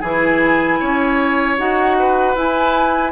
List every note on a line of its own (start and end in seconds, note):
0.00 0.80 E3
0.00 1.58 E4
0.00 0.78 G#4
0.00 1.56 G#5
0.80 1.59 C#4
0.80 1.97 C#5
1.58 2.35 D#4
1.58 2.36 F#4
1.58 2.36 F#5
1.99 3.12 B4
2.35 3.12 E4
2.35 3.12 G#5